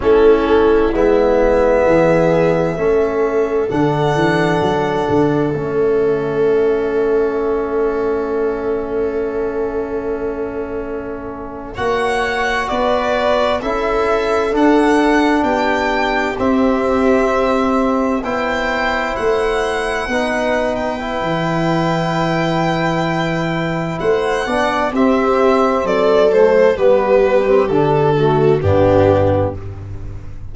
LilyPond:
<<
  \new Staff \with { instrumentName = "violin" } { \time 4/4 \tempo 4 = 65 a'4 e''2. | fis''2 e''2~ | e''1~ | e''8. fis''4 d''4 e''4 fis''16~ |
fis''8. g''4 e''2 g''16~ | g''8. fis''4.~ fis''16 g''4.~ | g''2 fis''4 e''4 | d''8 c''8 b'4 a'4 g'4 | }
  \new Staff \with { instrumentName = "viola" } { \time 4/4 e'2 gis'4 a'4~ | a'1~ | a'1~ | a'8. cis''4 b'4 a'4~ a'16~ |
a'8. g'2. c''16~ | c''4.~ c''16 b'2~ b'16~ | b'2 c''8 d''8 g'4 | a'4 g'4. fis'8 d'4 | }
  \new Staff \with { instrumentName = "trombone" } { \time 4/4 cis'4 b2 cis'4 | d'2 cis'2~ | cis'1~ | cis'8. fis'2 e'4 d'16~ |
d'4.~ d'16 c'2 e'16~ | e'4.~ e'16 dis'4 e'4~ e'16~ | e'2~ e'8 d'8 c'4~ | c'8 a8 b8. c'16 d'8 a8 b4 | }
  \new Staff \with { instrumentName = "tuba" } { \time 4/4 a4 gis4 e4 a4 | d8 e8 fis8 d8 a2~ | a1~ | a8. ais4 b4 cis'4 d'16~ |
d'8. b4 c'2 b16~ | b8. a4 b4~ b16 e4~ | e2 a8 b8 c'4 | fis4 g4 d4 g,4 | }
>>